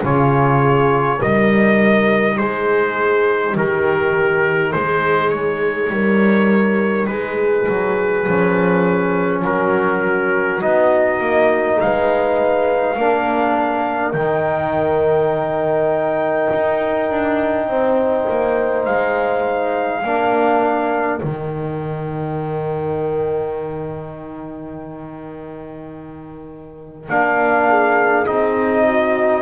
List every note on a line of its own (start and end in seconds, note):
0.00 1.21 C#3
0.00 1.19 F4
0.00 1.18 G#4
0.00 1.21 C#5
1.18 2.39 G3
1.18 8.25 D#4
1.18 2.36 A#4
1.18 2.37 D#5
2.36 3.55 G#3
2.36 3.54 G#4
2.36 3.55 C5
3.54 4.72 D#3
3.54 4.72 G4
3.54 4.72 A#4
4.72 5.89 G#3
4.72 5.92 G#4
4.72 5.29 C5
5.29 7.05 C#5
5.89 7.07 G3
5.89 7.10 A#4
7.06 7.67 G#3
7.06 9.42 G#4
7.06 9.41 B4
7.68 8.27 F#3
8.27 9.44 F3
8.27 10.60 C#4
9.42 10.62 F#3
9.42 11.77 F#4
9.42 10.61 A#4
10.60 11.19 B3
10.60 12.96 D#4
10.60 11.79 D#5
11.19 11.78 A#3
11.79 12.96 G#3
11.79 12.97 B4
11.79 14.12 F5
12.96 14.13 A#3
12.96 14.14 D4
12.96 17.68 A#4
14.12 16.48 D#3
14.12 20.02 D#4
14.12 18.83 G5
16.53 17.09 D#4
17.09 17.67 D4
17.67 18.25 C4
17.67 20.01 C5
18.29 18.86 A#3
18.84 20.03 G#3
18.84 21.19 F5
20.01 21.20 A#3
20.01 21.19 D4
20.01 27.66 A#4
21.19 27.08 D#3
21.19 27.07 D#4
21.19 27.07 G5
27.08 28.26 A#3
27.08 28.25 D4
27.08 28.26 F5
27.68 28.86 G#4
28.25 29.42 C4
28.25 29.42 D#4
28.25 29.42 D#5
28.86 29.42 F#4